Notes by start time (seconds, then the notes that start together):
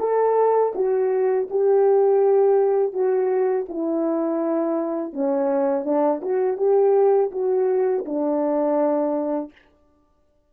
0.00 A4
0.75 F#4
1.50 G4
2.93 F#4
3.69 E4
5.14 C#4
5.85 D4
6.22 F#4
6.58 G4
7.32 F#4
8.06 D4